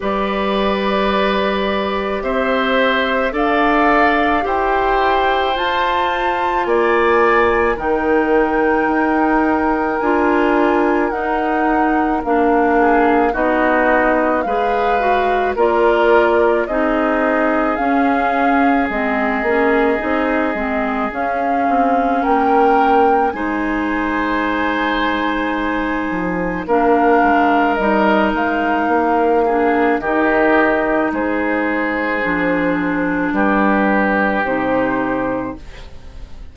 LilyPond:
<<
  \new Staff \with { instrumentName = "flute" } { \time 4/4 \tempo 4 = 54 d''2 e''4 f''4 | g''4 a''4 gis''4 g''4~ | g''4 gis''4 fis''4 f''4 | dis''4 f''4 d''4 dis''4 |
f''4 dis''2 f''4 | g''4 gis''2. | f''4 dis''8 f''4. dis''4 | c''2 b'4 c''4 | }
  \new Staff \with { instrumentName = "oboe" } { \time 4/4 b'2 c''4 d''4 | c''2 d''4 ais'4~ | ais'2.~ ais'8 gis'8 | fis'4 b'4 ais'4 gis'4~ |
gis'1 | ais'4 c''2. | ais'2~ ais'8 gis'8 g'4 | gis'2 g'2 | }
  \new Staff \with { instrumentName = "clarinet" } { \time 4/4 g'2. a'4 | g'4 f'2 dis'4~ | dis'4 f'4 dis'4 d'4 | dis'4 gis'8 fis'8 f'4 dis'4 |
cis'4 c'8 cis'8 dis'8 c'8 cis'4~ | cis'4 dis'2. | d'4 dis'4. d'8 dis'4~ | dis'4 d'2 dis'4 | }
  \new Staff \with { instrumentName = "bassoon" } { \time 4/4 g2 c'4 d'4 | e'4 f'4 ais4 dis4 | dis'4 d'4 dis'4 ais4 | b4 gis4 ais4 c'4 |
cis'4 gis8 ais8 c'8 gis8 cis'8 c'8 | ais4 gis2~ gis8 f8 | ais8 gis8 g8 gis8 ais4 dis4 | gis4 f4 g4 c4 | }
>>